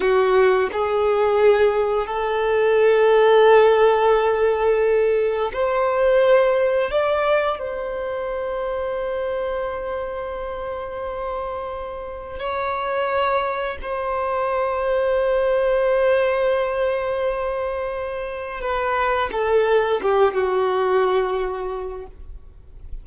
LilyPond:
\new Staff \with { instrumentName = "violin" } { \time 4/4 \tempo 4 = 87 fis'4 gis'2 a'4~ | a'1 | c''2 d''4 c''4~ | c''1~ |
c''2 cis''2 | c''1~ | c''2. b'4 | a'4 g'8 fis'2~ fis'8 | }